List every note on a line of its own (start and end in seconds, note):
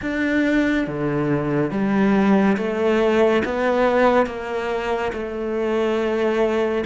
0.01 0.86 D4
0.86 1.71 D3
1.71 2.56 G3
2.57 3.42 A3
3.44 4.26 B3
4.26 5.12 A#3
5.12 6.84 A3